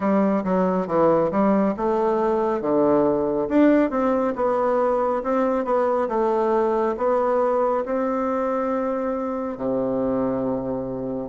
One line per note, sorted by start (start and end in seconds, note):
0.00 0.43 G3
0.43 0.87 F#3
0.87 1.30 E3
1.31 1.74 G3
1.76 2.61 A3
2.61 3.48 D3
3.49 3.90 D4
3.90 4.34 C4
4.35 5.22 B3
5.23 5.64 C4
5.64 6.08 B3
6.08 6.95 A3
6.97 7.84 B3
7.85 9.57 C4
9.57 11.29 C3